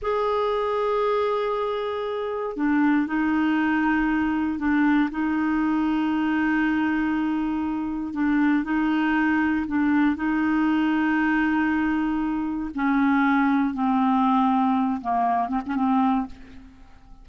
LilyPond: \new Staff \with { instrumentName = "clarinet" } { \time 4/4 \tempo 4 = 118 gis'1~ | gis'4 d'4 dis'2~ | dis'4 d'4 dis'2~ | dis'1 |
d'4 dis'2 d'4 | dis'1~ | dis'4 cis'2 c'4~ | c'4. ais4 c'16 cis'16 c'4 | }